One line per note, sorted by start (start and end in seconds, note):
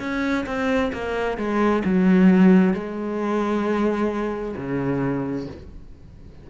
0.00 0.45 C#4
0.46 0.92 C4
0.93 1.38 A#3
1.38 1.83 G#3
1.85 2.74 F#3
2.74 4.56 G#3
4.57 5.48 C#3